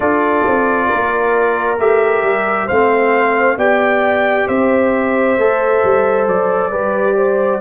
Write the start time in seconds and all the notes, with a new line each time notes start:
0.00 D4 F4 A4 D5
0.46 C4
0.88 A#3 A#4
1.78 A3 G4 E5
2.23 G3
2.66 A3 C4 C5 F5
3.57 B3 G4 D5 G5
4.47 C4 C5 E5
5.37 A3 A4
5.84 G3
6.27 F#3 D5
6.71 G3 G4 B4
7.16 C5